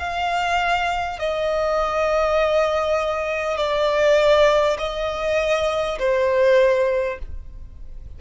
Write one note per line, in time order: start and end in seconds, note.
0.00 1.19 F5
1.19 3.58 D#5
3.58 4.78 D5
4.79 5.99 D#5
5.99 7.19 C5